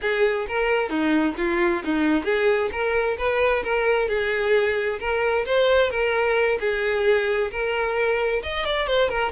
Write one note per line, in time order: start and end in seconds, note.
0.01 0.47 G#4
0.48 0.89 A#4
0.89 1.35 D#4
1.37 1.82 F4
1.84 2.24 D#4
2.24 2.70 G#4
2.71 3.17 A#4
3.18 3.63 B4
3.63 4.08 A#4
4.08 4.99 G#4
4.99 5.45 A#4
5.45 5.90 C5
5.90 6.58 A#4
6.60 7.51 G#4
7.51 8.42 A#4
8.42 8.65 D#5
8.65 8.87 D5
8.87 9.09 C5
9.09 9.32 A#4